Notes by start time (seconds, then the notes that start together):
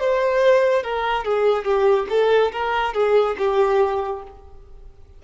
0.00 C5
0.83 A#4
1.25 G#4
1.64 G4
2.10 A4
2.52 A#4
2.94 G#4
3.38 G4